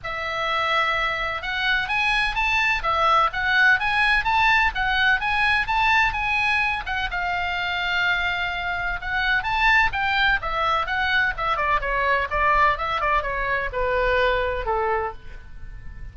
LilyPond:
\new Staff \with { instrumentName = "oboe" } { \time 4/4 \tempo 4 = 127 e''2. fis''4 | gis''4 a''4 e''4 fis''4 | gis''4 a''4 fis''4 gis''4 | a''4 gis''4. fis''8 f''4~ |
f''2. fis''4 | a''4 g''4 e''4 fis''4 | e''8 d''8 cis''4 d''4 e''8 d''8 | cis''4 b'2 a'4 | }